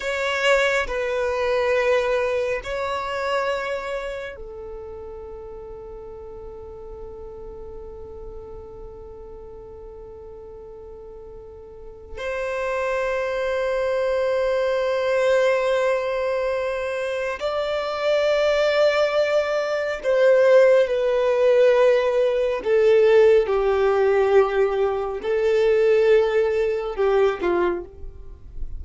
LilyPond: \new Staff \with { instrumentName = "violin" } { \time 4/4 \tempo 4 = 69 cis''4 b'2 cis''4~ | cis''4 a'2.~ | a'1~ | a'2 c''2~ |
c''1 | d''2. c''4 | b'2 a'4 g'4~ | g'4 a'2 g'8 f'8 | }